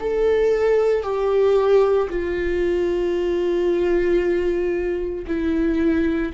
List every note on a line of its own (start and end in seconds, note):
0.00 1.03 A4
1.03 2.09 G4
2.10 5.26 F4
5.28 6.33 E4